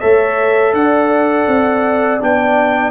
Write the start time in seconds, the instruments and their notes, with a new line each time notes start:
0.00 tuba A3, trombone A4, horn C#5, trumpet E5
0.73 tuba D4, horn D5, trumpet F#5
1.48 tuba C4
2.21 tuba B3, trombone D4, trumpet G5